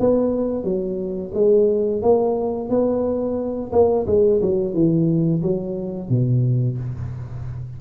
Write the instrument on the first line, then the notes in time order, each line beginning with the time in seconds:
tuba
0.00 B3
0.64 F#3
1.34 G#3
2.02 A#3
2.70 B3
3.73 A#3
4.07 G#3
4.42 F#3
4.74 E3
5.42 F#3
6.10 B2